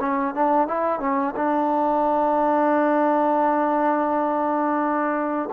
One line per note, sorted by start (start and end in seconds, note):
0.00 0.34 C#4
0.34 0.68 D4
0.68 1.00 E4
1.00 1.34 C#4
1.36 5.50 D4